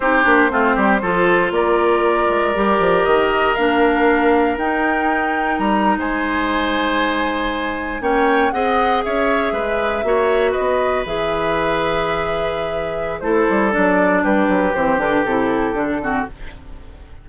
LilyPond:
<<
  \new Staff \with { instrumentName = "flute" } { \time 4/4 \tempo 4 = 118 c''2. d''4~ | d''2 dis''4 f''4~ | f''4 g''2 ais''8. gis''16~ | gis''2.~ gis''8. g''16~ |
g''8. fis''4 e''2~ e''16~ | e''8. dis''4 e''2~ e''16~ | e''2 c''4 d''4 | b'4 c''8 b'8 a'2 | }
  \new Staff \with { instrumentName = "oboe" } { \time 4/4 g'4 f'8 g'8 a'4 ais'4~ | ais'1~ | ais'2.~ ais'8. c''16~ | c''2.~ c''8. cis''16~ |
cis''8. dis''4 cis''4 b'4 cis''16~ | cis''8. b'2.~ b'16~ | b'2 a'2 | g'2.~ g'8 fis'8 | }
  \new Staff \with { instrumentName = "clarinet" } { \time 4/4 dis'8 d'8 c'4 f'2~ | f'4 g'2 d'4~ | d'4 dis'2.~ | dis'2.~ dis'8. cis'16~ |
cis'8. gis'2. fis'16~ | fis'4.~ fis'16 gis'2~ gis'16~ | gis'2 e'4 d'4~ | d'4 c'8 d'8 e'4 d'8 c'8 | }
  \new Staff \with { instrumentName = "bassoon" } { \time 4/4 c'8 ais8 a8 g8 f4 ais4~ | ais8 gis8 g8 f8 dis4 ais4~ | ais4 dis'2 g8. gis16~ | gis2.~ gis8. ais16~ |
ais8. c'4 cis'4 gis4 ais16~ | ais8. b4 e2~ e16~ | e2 a8 g8 fis4 | g8 fis8 e8 d8 c4 d4 | }
>>